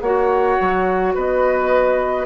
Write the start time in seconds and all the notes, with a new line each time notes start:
0.00 A#3 F#4 C#5 F#5
0.60 F#3
1.14 B3 B4 D#5